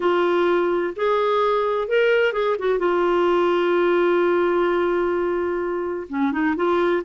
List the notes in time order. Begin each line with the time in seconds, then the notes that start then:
0.00 F4
0.95 G#4
1.87 A#4
2.32 G#4
2.58 F#4
2.78 F4
6.09 C#4
6.32 D#4
6.56 F4